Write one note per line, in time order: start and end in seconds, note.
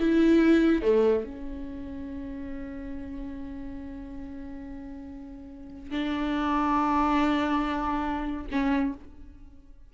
0.00 0.83 E4
0.83 1.25 A3
1.25 5.91 C#4
5.91 8.47 D4
8.52 8.94 C#4